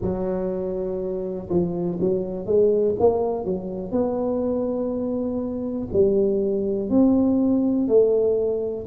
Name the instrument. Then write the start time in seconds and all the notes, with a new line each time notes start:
tuba
0.01 F#3
1.49 F3
2.00 F#3
2.45 G#3
2.99 A#3
3.44 F#3
3.91 B3
5.92 G3
6.89 C4
7.87 A3